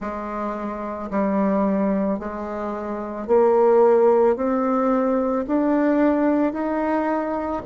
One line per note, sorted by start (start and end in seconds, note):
0.00 1.10 G#3
1.10 2.19 G3
2.19 3.27 G#3
3.27 4.36 A#3
4.36 5.45 C4
5.47 6.53 D4
6.53 7.62 D#4